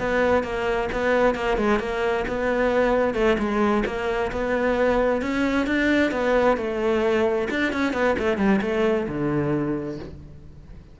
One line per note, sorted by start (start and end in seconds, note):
0.00 0.44 B3
0.44 0.89 A#3
0.92 1.35 B3
1.35 1.57 A#3
1.57 1.80 G#3
1.80 2.25 A#3
2.28 3.14 B3
3.14 3.37 A3
3.39 3.84 G#3
3.86 4.31 A#3
4.32 5.22 B3
5.22 5.67 C#4
5.67 6.12 D4
6.12 6.57 B3
6.57 7.48 A3
7.50 7.73 D4
7.73 7.93 C#4
7.93 8.16 B3
8.19 8.38 A3
8.38 8.61 G3
8.62 9.07 A3
9.08 9.99 D3